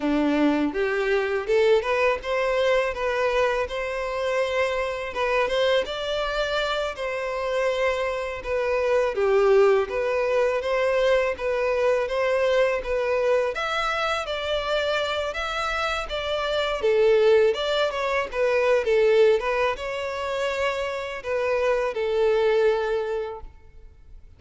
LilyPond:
\new Staff \with { instrumentName = "violin" } { \time 4/4 \tempo 4 = 82 d'4 g'4 a'8 b'8 c''4 | b'4 c''2 b'8 c''8 | d''4. c''2 b'8~ | b'8 g'4 b'4 c''4 b'8~ |
b'8 c''4 b'4 e''4 d''8~ | d''4 e''4 d''4 a'4 | d''8 cis''8 b'8. a'8. b'8 cis''4~ | cis''4 b'4 a'2 | }